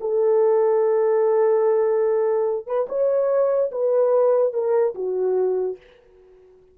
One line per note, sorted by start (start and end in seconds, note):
0.00 2.66 A4
2.66 2.87 B4
2.88 3.71 C#5
3.72 4.53 B4
4.53 4.94 A#4
4.94 5.77 F#4